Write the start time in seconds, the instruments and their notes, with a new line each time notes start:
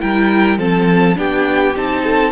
0.00 cello G3, viola E4, violin A#4 G5
0.58 cello F3, viola C4, violin A4 A5
1.15 cello B3, viola D4, violin G4 G5
1.76 cello C4, viola D#4, violin A5
2.04 violin A4